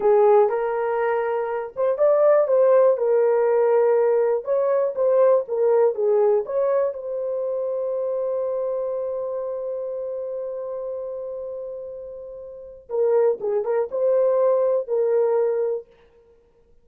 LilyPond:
\new Staff \with { instrumentName = "horn" } { \time 4/4 \tempo 4 = 121 gis'4 ais'2~ ais'8 c''8 | d''4 c''4 ais'2~ | ais'4 cis''4 c''4 ais'4 | gis'4 cis''4 c''2~ |
c''1~ | c''1~ | c''2 ais'4 gis'8 ais'8 | c''2 ais'2 | }